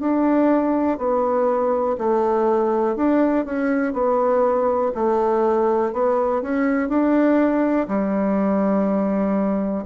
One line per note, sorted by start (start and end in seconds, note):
0.00 0.98 D4
0.98 1.96 B3
1.98 2.96 A3
2.96 3.45 D4
3.45 3.93 C#4
3.93 4.92 B3
4.95 5.93 A3
5.93 6.42 B3
6.42 6.89 C#4
6.89 7.87 D4
7.88 9.85 G3